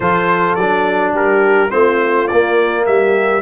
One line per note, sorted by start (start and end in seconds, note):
0.00 0.56 F3
0.00 0.58 F4
0.00 1.13 A4
0.00 0.55 C5
0.55 1.12 F#3
0.55 1.69 D4
0.55 1.12 D5
1.12 1.69 G3
1.12 1.70 G4
1.12 1.71 A#4
1.69 2.30 A3
1.69 2.26 C4
1.69 2.84 F4
1.69 2.27 C5
2.27 2.87 A#3
2.27 3.41 A#3
2.27 2.84 D5
2.86 3.41 G3
2.86 3.41 G4
2.86 3.41 E5